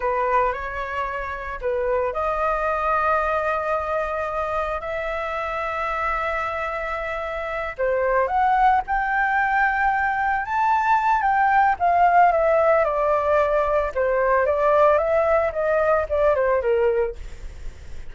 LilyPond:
\new Staff \with { instrumentName = "flute" } { \time 4/4 \tempo 4 = 112 b'4 cis''2 b'4 | dis''1~ | dis''4 e''2.~ | e''2~ e''8 c''4 fis''8~ |
fis''8 g''2. a''8~ | a''4 g''4 f''4 e''4 | d''2 c''4 d''4 | e''4 dis''4 d''8 c''8 ais'4 | }